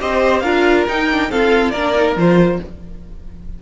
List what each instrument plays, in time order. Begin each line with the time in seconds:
0.00 cello C4, viola G4, violin C5 D#5
0.40 cello D4, viola F4, violin A#4 F5
0.88 viola D#4, cello D#4, violin G5
1.12 viola D4
1.29 viola C4, cello F4, violin A4 F5
1.71 cello A#3, viola D4, violin A#4 D5
1.95 viola D#4
2.16 cello F3, viola F4, violin C5